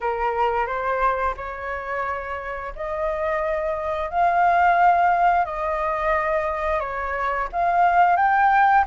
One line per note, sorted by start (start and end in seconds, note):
0.00 0.66 A#4
0.66 1.34 C5
1.36 2.73 C#5
2.75 4.09 D#5
4.09 5.45 F5
5.45 6.79 D#5
6.79 7.48 C#5
7.52 8.16 F5
8.16 8.84 G5